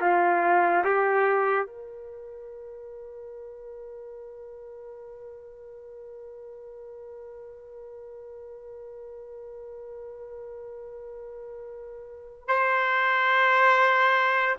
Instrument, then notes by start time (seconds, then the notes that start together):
trumpet
0.00 F4
0.84 G4
1.66 A#4
12.47 C5